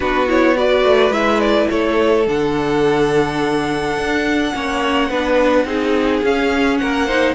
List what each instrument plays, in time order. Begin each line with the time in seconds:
0.00 cello B3, viola D4, violin F#4 B4
0.27 viola E4, violin C#5
0.56 viola F#4, violin B4 D5
0.84 cello A3
1.09 cello G#3, viola E4, violin E5
1.40 violin D5
1.70 cello A3, violin A4 C#5
2.27 cello D3, viola D4, violin F#5
3.96 cello D4
4.53 cello A#3, viola C#4, violin C#5
5.09 cello B3, viola D4, violin B4
5.64 cello C4, viola D#4, violin G#4
6.23 cello C#4, viola C#4, violin F5
6.77 cello A#3, violin A#4 F#5
7.06 viola D#4, violin C5